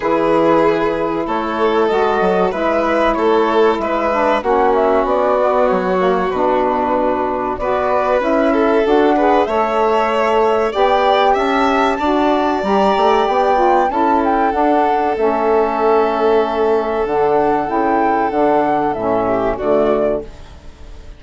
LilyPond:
<<
  \new Staff \with { instrumentName = "flute" } { \time 4/4 \tempo 4 = 95 b'2 cis''4 dis''4 | e''4 cis''4 e''4 fis''8 e''8 | d''4 cis''4 b'2 | d''4 e''4 fis''4 e''4~ |
e''4 g''4 a''2 | ais''4 g''4 a''8 g''8 fis''4 | e''2. fis''4 | g''4 fis''4 e''4 d''4 | }
  \new Staff \with { instrumentName = "violin" } { \time 4/4 gis'2 a'2 | b'4 a'4 b'4 fis'4~ | fis'1 | b'4. a'4 b'8 cis''4~ |
cis''4 d''4 e''4 d''4~ | d''2 a'2~ | a'1~ | a'2~ a'8 g'8 fis'4 | }
  \new Staff \with { instrumentName = "saxophone" } { \time 4/4 e'2. fis'4 | e'2~ e'8 d'8 cis'4~ | cis'8 b4 ais8 d'2 | fis'4 e'4 fis'8 gis'8 a'4~ |
a'4 g'2 fis'4 | g'4. f'8 e'4 d'4 | cis'2. d'4 | e'4 d'4 cis'4 a4 | }
  \new Staff \with { instrumentName = "bassoon" } { \time 4/4 e2 a4 gis8 fis8 | gis4 a4 gis4 ais4 | b4 fis4 b,2 | b4 cis'4 d'4 a4~ |
a4 b4 cis'4 d'4 | g8 a8 b4 cis'4 d'4 | a2. d4 | cis4 d4 a,4 d4 | }
>>